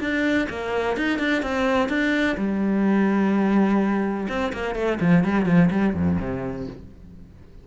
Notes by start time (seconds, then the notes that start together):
0.00 D4
0.50 A#3
0.97 D#4
1.19 D4
1.43 C4
1.89 D4
2.37 G3
4.29 C4
4.53 A#3
4.75 A3
5.01 F3
5.24 G3
5.46 F3
5.71 G3
5.94 F2
6.20 C3